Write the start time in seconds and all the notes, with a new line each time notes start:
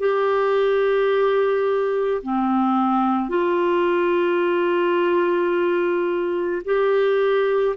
0.00 G4
2.22 C4
3.29 F4
6.65 G4